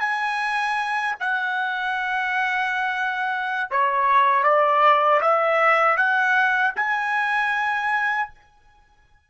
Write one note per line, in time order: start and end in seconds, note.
0.00 1.15 G#5
1.20 3.70 F#5
3.71 4.44 C#5
4.44 5.21 D5
5.22 5.98 E5
5.98 6.74 F#5
6.76 8.30 G#5